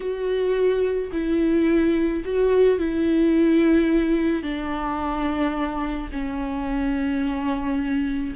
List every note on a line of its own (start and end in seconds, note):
0.00 1.11 F#4
1.12 2.23 E4
2.24 2.79 F#4
2.79 4.42 E4
4.42 6.09 D4
6.11 8.34 C#4